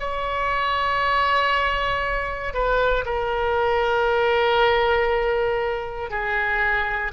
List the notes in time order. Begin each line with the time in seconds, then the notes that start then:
0.00 C#5
2.54 B4
3.06 A#4
6.10 G#4